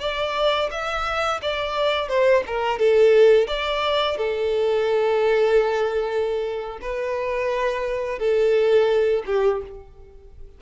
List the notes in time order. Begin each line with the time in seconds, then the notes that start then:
0.00 D5
0.71 E5
1.42 D5
2.08 C5
2.46 A#4
2.79 A4
3.48 D5
4.17 A4
6.81 B4
8.19 A4
9.26 G4